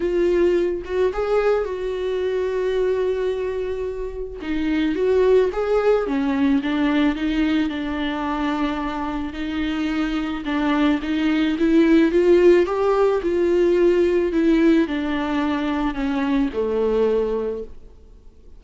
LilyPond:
\new Staff \with { instrumentName = "viola" } { \time 4/4 \tempo 4 = 109 f'4. fis'8 gis'4 fis'4~ | fis'1 | dis'4 fis'4 gis'4 cis'4 | d'4 dis'4 d'2~ |
d'4 dis'2 d'4 | dis'4 e'4 f'4 g'4 | f'2 e'4 d'4~ | d'4 cis'4 a2 | }